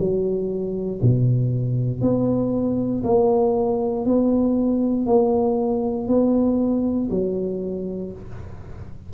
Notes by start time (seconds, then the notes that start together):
0.00 F#3
1.03 B2
2.02 B3
3.04 A#3
4.06 B3
5.07 A#3
6.08 B3
7.11 F#3